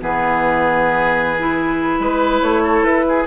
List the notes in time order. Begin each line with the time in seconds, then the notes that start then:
0.00 E3 B3 G#4 B4
1.39 E4
1.99 G#3 B4
2.41 A3 C#5
2.62 A4
2.83 E4 B4
3.08 G#4